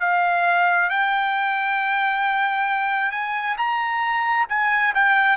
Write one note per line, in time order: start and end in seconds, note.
0.00 0.90 F5
0.90 3.11 G5
3.11 3.56 G#5
3.57 4.47 A#5
4.49 4.93 G#5
4.94 5.36 G5